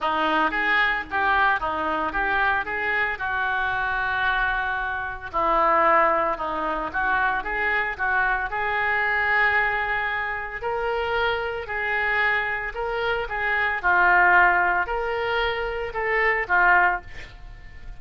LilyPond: \new Staff \with { instrumentName = "oboe" } { \time 4/4 \tempo 4 = 113 dis'4 gis'4 g'4 dis'4 | g'4 gis'4 fis'2~ | fis'2 e'2 | dis'4 fis'4 gis'4 fis'4 |
gis'1 | ais'2 gis'2 | ais'4 gis'4 f'2 | ais'2 a'4 f'4 | }